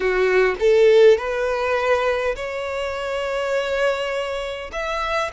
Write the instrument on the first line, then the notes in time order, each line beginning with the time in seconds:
violin
0.00 F#4
0.59 A4
1.17 B4
2.35 C#5
4.72 E5